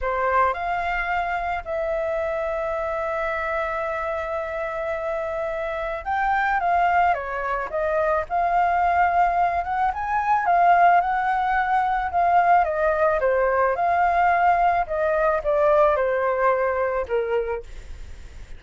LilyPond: \new Staff \with { instrumentName = "flute" } { \time 4/4 \tempo 4 = 109 c''4 f''2 e''4~ | e''1~ | e''2. g''4 | f''4 cis''4 dis''4 f''4~ |
f''4. fis''8 gis''4 f''4 | fis''2 f''4 dis''4 | c''4 f''2 dis''4 | d''4 c''2 ais'4 | }